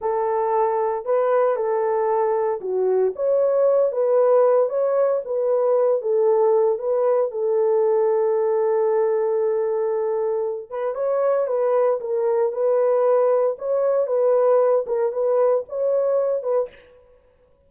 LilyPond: \new Staff \with { instrumentName = "horn" } { \time 4/4 \tempo 4 = 115 a'2 b'4 a'4~ | a'4 fis'4 cis''4. b'8~ | b'4 cis''4 b'4. a'8~ | a'4 b'4 a'2~ |
a'1~ | a'8 b'8 cis''4 b'4 ais'4 | b'2 cis''4 b'4~ | b'8 ais'8 b'4 cis''4. b'8 | }